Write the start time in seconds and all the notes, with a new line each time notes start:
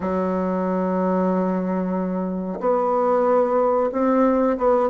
0.00 F#3
2.60 B3
3.91 C4
4.57 B3